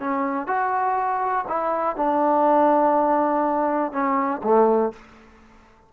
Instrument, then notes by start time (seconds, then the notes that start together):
trombone
0.00 C#4
0.47 F#4
1.48 E4
1.96 D4
3.93 C#4
4.44 A3